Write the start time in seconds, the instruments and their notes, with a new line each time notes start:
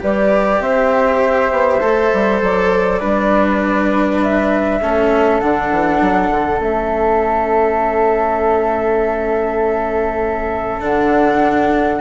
0.00 bassoon G3, cello G4, flute B4 D5
0.60 bassoon C4, flute C5 E5
1.52 bassoon B3
1.80 bassoon A3, cello A4
2.14 bassoon G3
2.42 bassoon F#3, flute D5
3.00 bassoon G3, cello D4, flute B4
4.22 flute E5
4.82 bassoon A3, cello C#4, flute A4
5.41 bassoon D3, cello D4, flute F#5
5.71 bassoon E3
6.01 bassoon F#3
6.31 bassoon D3
6.60 bassoon A3, cello C#4, flute E5
10.80 bassoon D3, cello D4, flute F#5